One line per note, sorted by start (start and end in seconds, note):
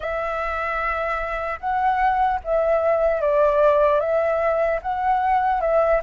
0.00 1.59 E5
1.60 2.40 F#5
2.44 3.21 E5
3.21 4.00 D5
4.00 4.80 E5
4.81 5.60 F#5
5.60 6.00 E5